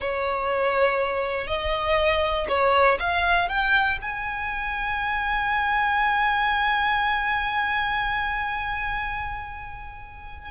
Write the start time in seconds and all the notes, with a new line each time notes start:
0.00 C#5
1.47 D#5
2.48 C#5
2.99 F5
3.48 G5
4.01 G#5